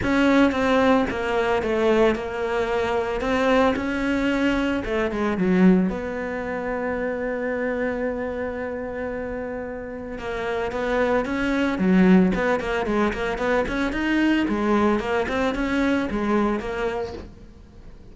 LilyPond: \new Staff \with { instrumentName = "cello" } { \time 4/4 \tempo 4 = 112 cis'4 c'4 ais4 a4 | ais2 c'4 cis'4~ | cis'4 a8 gis8 fis4 b4~ | b1~ |
b2. ais4 | b4 cis'4 fis4 b8 ais8 | gis8 ais8 b8 cis'8 dis'4 gis4 | ais8 c'8 cis'4 gis4 ais4 | }